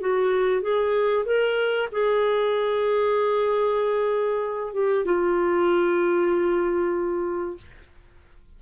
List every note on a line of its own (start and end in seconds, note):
0.00 0.61 F#4
0.61 1.25 G#4
1.25 1.88 A#4
1.91 4.73 G#4
4.73 5.05 G4
5.05 7.57 F4